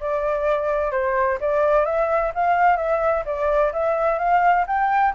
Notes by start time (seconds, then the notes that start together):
0.00 D5
0.91 C5
1.40 D5
1.85 E5
2.34 F5
2.77 E5
3.25 D5
3.72 E5
4.18 F5
4.67 G5